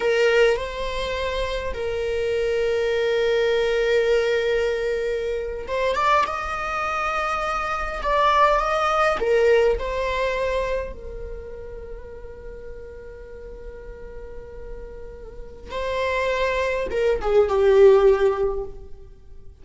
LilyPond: \new Staff \with { instrumentName = "viola" } { \time 4/4 \tempo 4 = 103 ais'4 c''2 ais'4~ | ais'1~ | ais'4.~ ais'16 c''8 d''8 dis''4~ dis''16~ | dis''4.~ dis''16 d''4 dis''4 ais'16~ |
ais'8. c''2 ais'4~ ais'16~ | ais'1~ | ais'2. c''4~ | c''4 ais'8 gis'8 g'2 | }